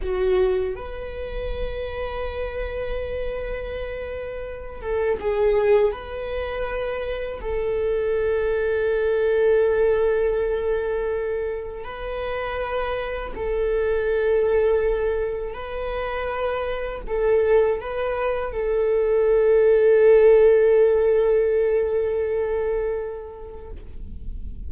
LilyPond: \new Staff \with { instrumentName = "viola" } { \time 4/4 \tempo 4 = 81 fis'4 b'2.~ | b'2~ b'8 a'8 gis'4 | b'2 a'2~ | a'1 |
b'2 a'2~ | a'4 b'2 a'4 | b'4 a'2.~ | a'1 | }